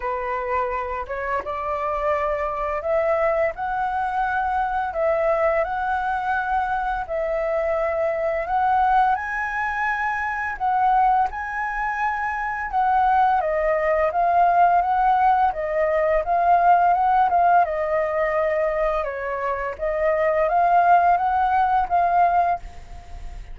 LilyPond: \new Staff \with { instrumentName = "flute" } { \time 4/4 \tempo 4 = 85 b'4. cis''8 d''2 | e''4 fis''2 e''4 | fis''2 e''2 | fis''4 gis''2 fis''4 |
gis''2 fis''4 dis''4 | f''4 fis''4 dis''4 f''4 | fis''8 f''8 dis''2 cis''4 | dis''4 f''4 fis''4 f''4 | }